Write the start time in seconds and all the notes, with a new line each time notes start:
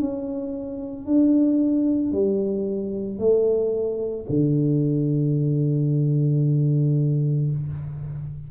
0.00 C#4
1.06 D4
2.12 G3
3.19 A3
4.30 D3